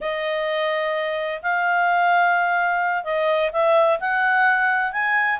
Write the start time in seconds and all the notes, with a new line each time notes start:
0.00 D#5
1.42 F5
3.03 D#5
3.52 E5
4.00 F#5
4.92 G#5